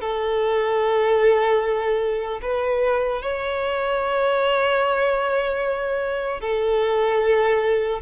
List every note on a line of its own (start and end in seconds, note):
0.00 2.40 A4
2.41 3.21 B4
3.21 6.40 C#5
6.40 8.00 A4